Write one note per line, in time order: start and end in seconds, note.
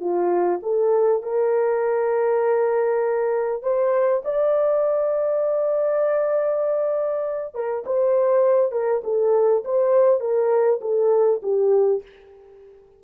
0.00 0.60 F4
0.62 1.22 A4
1.22 3.62 A#4
3.63 4.23 C5
4.25 7.55 D5
7.55 7.85 A#4
7.86 8.72 C5
8.72 9.02 A#4
9.04 9.64 A4
9.65 10.20 C5
10.20 10.80 A#4
10.81 11.41 A4
11.42 12.02 G4